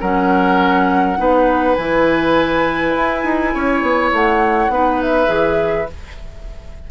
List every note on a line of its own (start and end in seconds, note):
0.00 1.18 F#3
0.00 1.17 C#4
0.00 1.18 A#4
0.00 1.75 F#5
1.17 1.77 B3
1.17 1.76 D#4
1.17 3.54 B4
1.75 2.95 E3
1.75 4.72 E4
1.75 4.10 G#5
2.95 3.24 E4
3.24 3.53 D#4
3.54 3.82 C#4
3.54 4.71 C#5
3.82 4.11 B3
4.12 4.68 A3
4.12 5.01 F#5
4.68 5.27 B3
4.68 5.27 D#4
4.68 5.91 B4
5.01 5.90 E5
5.27 5.87 E3
5.27 5.86 G#4